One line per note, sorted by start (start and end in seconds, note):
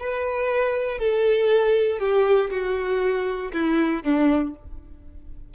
0.00 0.99 B4
0.99 1.99 A4
1.99 2.50 G4
2.51 3.52 F#4
3.53 4.04 E4
4.04 4.54 D4